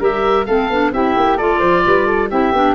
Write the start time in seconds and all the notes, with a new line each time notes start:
0.00 G3 G4 A#4 E5
0.46 A3 C4 A4 F5
0.70 B3 D4
0.92 C4 E4 G4 E5
1.18 A#3
1.37 A3 F4 A4 D5
1.60 F3 C5
1.86 G3 B4
2.07 A4
2.31 C4 E4 G4 E5
2.52 B3 D4